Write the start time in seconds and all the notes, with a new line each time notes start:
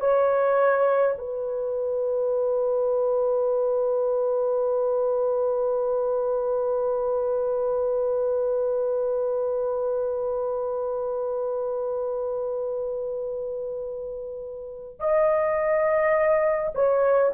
0.00 C#5
1.18 B4
14.99 D#5
16.75 C#5